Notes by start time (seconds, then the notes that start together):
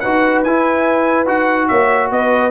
0.00 D#4 F#4 B4 F#5
0.43 E4 G#5
1.26 D#4 F#4 F#5
1.68 A#3 C#5 E5
2.11 B3 B4 D#5